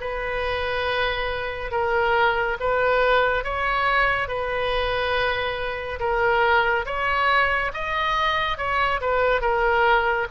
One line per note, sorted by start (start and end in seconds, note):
0.00 1.71 B4
1.71 2.57 A#4
2.59 3.44 B4
3.44 4.27 C#5
4.27 5.99 B4
5.99 6.85 A#4
6.85 7.71 C#5
7.73 8.57 D#5
8.57 9.00 C#5
9.00 9.41 B4
9.41 10.27 A#4